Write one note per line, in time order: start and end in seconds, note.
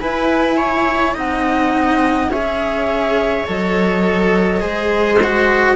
0.00 1.16 E4
0.00 1.15 E4
0.00 0.57 B4
0.00 1.15 G#5
0.57 1.14 C#5
1.14 2.29 C4
1.14 2.31 D#4
1.14 2.30 D#5
1.14 2.32 F#5
2.29 3.44 C#4
2.29 3.47 G#4
2.29 4.61 C#5
2.29 3.47 E5
3.47 4.62 F#3
3.47 4.61 A4
3.47 5.76 D#5
4.61 5.76 G#3
4.61 5.18 G#4
4.61 5.76 C5
5.24 5.76 F#4